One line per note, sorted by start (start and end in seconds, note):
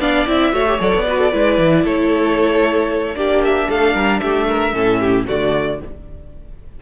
0.00 0.26 B3
0.00 0.27 D4
0.00 0.53 D5
0.00 0.27 F5
0.27 0.53 C4
0.27 0.54 E4
0.27 0.81 E5
0.53 0.79 A3
0.53 0.67 F#4
0.53 1.06 C#5
0.68 0.80 G4
0.80 0.94 F#3
0.80 1.06 A4
0.80 1.87 D5
0.96 1.34 B3
1.08 1.33 F#4
1.08 1.19 B4
1.19 1.32 A4
1.32 1.59 G#3
1.32 3.16 E4
1.32 1.85 B4
1.59 1.85 E3
1.85 3.16 A3
1.85 3.16 A4
1.85 3.16 C#5
3.16 3.68 A#3
3.16 4.74 D4
3.16 3.70 G4
3.16 3.42 D5
3.45 3.71 E5
3.70 3.95 A3
3.70 3.95 A4
3.70 4.21 F5
3.95 4.21 G3
3.95 4.21 A#4
4.21 4.73 A3
4.21 4.48 G4
4.21 5.26 E5
4.48 4.75 A#4
4.73 5.26 A2
4.73 5.27 C#4
4.73 5.01 A4
5.01 5.27 G4
5.27 5.83 D3
5.27 5.80 A3
5.27 5.80 F#4
5.27 5.81 D5